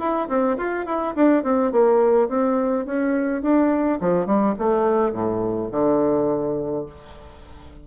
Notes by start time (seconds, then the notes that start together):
0.00 E4
0.29 C4
0.58 F4
0.86 E4
1.16 D4
1.44 C4
1.72 A#3
2.29 C4
2.86 C#4
3.43 D4
4.01 F3
4.26 G3
4.59 A3
5.13 A2
5.72 D3